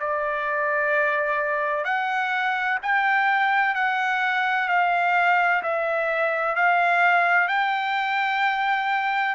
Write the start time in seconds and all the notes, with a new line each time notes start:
0.00 D5
1.85 F#5
2.83 G5
3.75 F#5
4.69 F5
5.63 E5
6.56 F5
7.48 G5